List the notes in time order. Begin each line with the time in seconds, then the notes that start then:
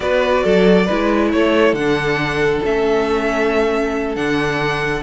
0.00 B3 F#4 B4 D5
0.43 F#3 A4
0.85 G#3 E4 B4
1.32 A3 A4 C#5
1.72 D3 F#5
1.78 D4
2.64 A3 C#4 E5
4.15 D3 D4 F#5